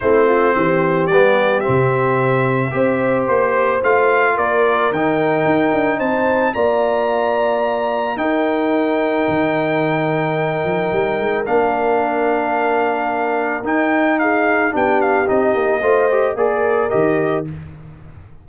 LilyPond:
<<
  \new Staff \with { instrumentName = "trumpet" } { \time 4/4 \tempo 4 = 110 c''2 d''4 e''4~ | e''2 c''4 f''4 | d''4 g''2 a''4 | ais''2. g''4~ |
g''1~ | g''4 f''2.~ | f''4 g''4 f''4 g''8 f''8 | dis''2 d''4 dis''4 | }
  \new Staff \with { instrumentName = "horn" } { \time 4/4 e'8 f'8 g'2.~ | g'4 c''2. | ais'2. c''4 | d''2. ais'4~ |
ais'1~ | ais'1~ | ais'2 gis'4 g'4~ | g'4 c''4 ais'2 | }
  \new Staff \with { instrumentName = "trombone" } { \time 4/4 c'2 b4 c'4~ | c'4 g'2 f'4~ | f'4 dis'2. | f'2. dis'4~ |
dis'1~ | dis'4 d'2.~ | d'4 dis'2 d'4 | dis'4 f'8 g'8 gis'4 g'4 | }
  \new Staff \with { instrumentName = "tuba" } { \time 4/4 a4 e4 g4 c4~ | c4 c'4 ais4 a4 | ais4 dis4 dis'8 d'8 c'4 | ais2. dis'4~ |
dis'4 dis2~ dis8 f8 | g8 gis8 ais2.~ | ais4 dis'2 b4 | c'8 ais8 a4 ais4 dis4 | }
>>